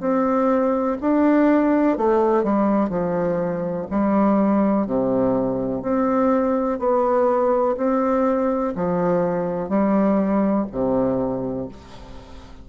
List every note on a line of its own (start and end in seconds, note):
0.00 0.97 C4
1.01 1.97 D4
1.97 2.43 A3
2.43 2.89 G3
2.89 3.86 F3
3.91 4.87 G3
4.87 5.82 C3
5.82 6.79 C4
6.79 7.76 B3
7.77 8.74 C4
8.75 9.69 F3
9.69 10.65 G3
10.72 11.68 C3